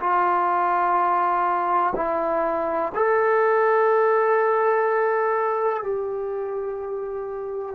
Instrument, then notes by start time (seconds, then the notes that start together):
trombone
0.00 F4
1.95 E4
2.94 A4
5.83 G4